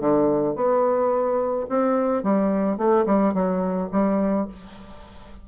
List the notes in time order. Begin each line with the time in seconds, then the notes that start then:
0.00 D3
0.56 B3
1.69 C4
2.23 G3
2.78 A3
3.06 G3
3.34 F#3
3.92 G3